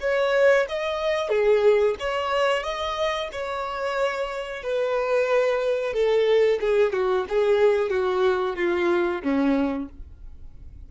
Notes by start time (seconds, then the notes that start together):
0.00 C#5
0.69 D#5
1.29 G#4
1.99 C#5
2.63 D#5
3.31 C#5
4.62 B4
5.93 A4
6.60 G#4
6.92 F#4
7.29 G#4
7.89 F#4
8.56 F4
9.22 C#4